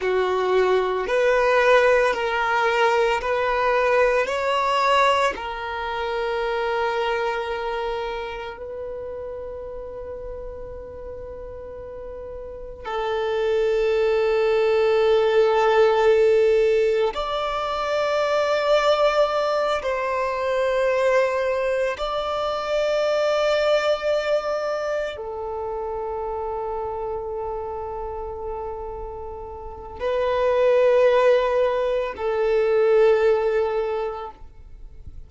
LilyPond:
\new Staff \with { instrumentName = "violin" } { \time 4/4 \tempo 4 = 56 fis'4 b'4 ais'4 b'4 | cis''4 ais'2. | b'1 | a'1 |
d''2~ d''8 c''4.~ | c''8 d''2. a'8~ | a'1 | b'2 a'2 | }